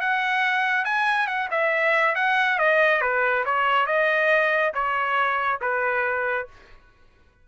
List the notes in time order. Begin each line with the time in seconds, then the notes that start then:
0.00 F#5
0.84 G#5
1.27 F#5
1.50 E5
2.15 F#5
2.58 D#5
3.01 B4
3.45 C#5
3.86 D#5
4.73 C#5
5.61 B4